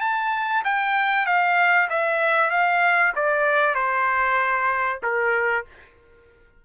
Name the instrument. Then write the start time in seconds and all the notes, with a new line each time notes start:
trumpet
0.00 A5
0.64 G5
1.26 F5
1.89 E5
2.50 F5
3.15 D5
3.75 C5
5.03 A#4